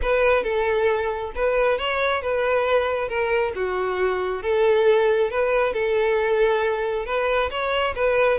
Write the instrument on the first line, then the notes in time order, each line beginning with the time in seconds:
violin
0.01 B4
0.43 A4
1.35 B4
1.78 C#5
2.22 B4
3.08 A#4
3.55 F#4
4.42 A4
5.30 B4
5.73 A4
7.05 B4
7.50 C#5
7.95 B4